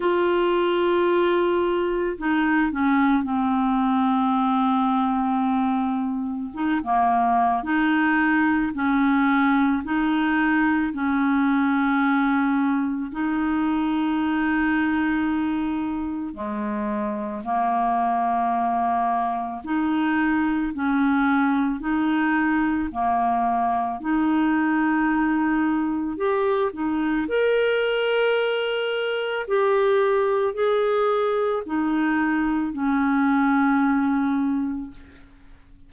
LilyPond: \new Staff \with { instrumentName = "clarinet" } { \time 4/4 \tempo 4 = 55 f'2 dis'8 cis'8 c'4~ | c'2 dis'16 ais8. dis'4 | cis'4 dis'4 cis'2 | dis'2. gis4 |
ais2 dis'4 cis'4 | dis'4 ais4 dis'2 | g'8 dis'8 ais'2 g'4 | gis'4 dis'4 cis'2 | }